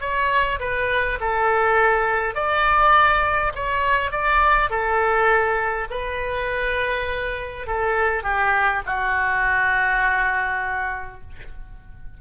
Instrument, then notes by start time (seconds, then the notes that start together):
oboe
0.00 C#5
0.59 B4
1.20 A4
2.34 D5
3.55 C#5
4.11 D5
4.70 A4
5.90 B4
7.66 A4
8.23 G4
8.86 F#4